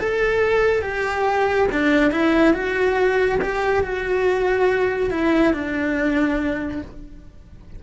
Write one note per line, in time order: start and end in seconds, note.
0.00 0.83 A4
0.83 1.68 G4
1.72 2.12 D4
2.12 2.54 E4
2.54 3.40 F#4
3.42 3.84 G4
3.84 5.11 F#4
5.11 5.54 E4
5.54 6.82 D4